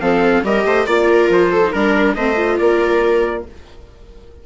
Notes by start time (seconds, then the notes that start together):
0.00 F3 C4 A4 F5
0.43 G3 G4 A#4 D#5
0.65 A3 C5
0.86 A#3 F4 D5
1.09 A#4
1.29 F3 C5
1.52 A4
1.63 D#4
1.71 G3 D4 A#4
2.15 A3 C4 C5 D#5
2.35 F4
2.58 A#3 A#4 D5